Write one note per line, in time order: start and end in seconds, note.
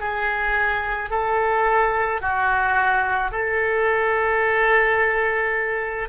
0.00 1.10 G#4
1.10 2.21 A4
2.21 3.31 F#4
3.31 6.09 A4